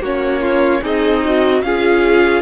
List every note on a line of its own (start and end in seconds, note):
0.00 0.80 A#3
0.00 0.82 C#4
0.00 0.42 F#4
0.00 0.85 C#5
0.42 0.82 F4
0.82 1.62 C4
0.82 1.62 D#4
0.82 1.22 G#4
0.82 1.62 D#5
1.25 1.65 F#4
1.62 2.43 C#4
1.62 2.43 F4
1.62 2.43 G#4
1.62 2.42 F5